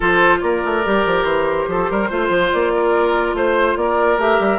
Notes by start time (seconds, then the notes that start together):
0.00 F3 F4 A4 C5
0.40 A#3 A#4 D5
0.65 A3
0.84 G3 G4
1.05 F3
1.23 E3 C5
1.67 F3 A4
1.90 G3 A#4
2.09 A3 F4 C5
2.28 F3
2.51 A#3 D5
2.75 A#4
3.33 A3 C5
3.76 A#3 A#4 D5
4.18 A3 G4 E5
4.39 G3